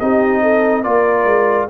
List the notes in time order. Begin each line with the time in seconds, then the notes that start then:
0.00 C4 D#4 G4 D#5
0.42 A4
0.83 A#3 F4 A#4 D5
1.25 G#3